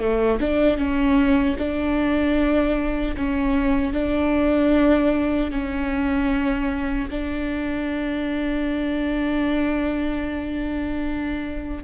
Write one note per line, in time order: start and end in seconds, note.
0.00 0.39 A3
0.41 0.78 D4
0.78 1.57 C#4
1.59 3.17 D4
3.17 3.94 C#4
3.94 5.52 D4
5.52 7.09 C#4
7.11 11.84 D4